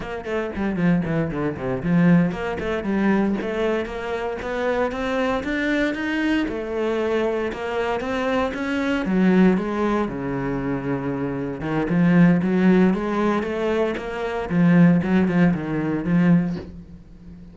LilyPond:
\new Staff \with { instrumentName = "cello" } { \time 4/4 \tempo 4 = 116 ais8 a8 g8 f8 e8 d8 c8 f8~ | f8 ais8 a8 g4 a4 ais8~ | ais8 b4 c'4 d'4 dis'8~ | dis'8 a2 ais4 c'8~ |
c'8 cis'4 fis4 gis4 cis8~ | cis2~ cis8 dis8 f4 | fis4 gis4 a4 ais4 | f4 fis8 f8 dis4 f4 | }